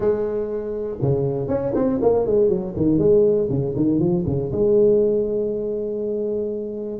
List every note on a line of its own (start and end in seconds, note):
0.00 0.98 G#3
1.01 1.48 C#3
1.48 1.73 C#4
1.74 1.99 C4
2.01 2.26 A#3
2.26 2.48 G#3
2.48 2.73 F#3
2.76 2.98 D#3
2.98 3.48 G#3
3.49 3.74 C#3
3.76 3.99 D#3
3.99 4.24 F3
4.26 4.51 C#3
4.52 7.00 G#3